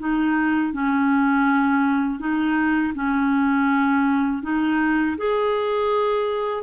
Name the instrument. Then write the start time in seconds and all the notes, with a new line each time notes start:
clarinet
0.00 D#4
0.73 C#4
2.20 D#4
2.95 C#4
4.43 D#4
5.18 G#4